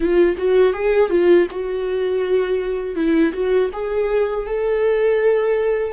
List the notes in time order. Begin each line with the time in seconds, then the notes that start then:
0.00 F4
0.37 F#4
0.73 G#4
1.09 F4
1.51 F#4
2.95 E4
3.33 F#4
3.72 G#4
4.46 A4